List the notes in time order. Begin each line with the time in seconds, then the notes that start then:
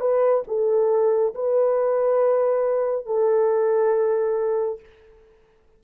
0.00 B4
0.47 A4
1.34 B4
3.06 A4